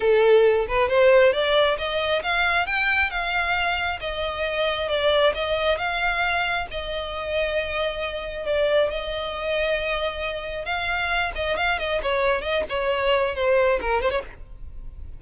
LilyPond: \new Staff \with { instrumentName = "violin" } { \time 4/4 \tempo 4 = 135 a'4. b'8 c''4 d''4 | dis''4 f''4 g''4 f''4~ | f''4 dis''2 d''4 | dis''4 f''2 dis''4~ |
dis''2. d''4 | dis''1 | f''4. dis''8 f''8 dis''8 cis''4 | dis''8 cis''4. c''4 ais'8 c''16 cis''16 | }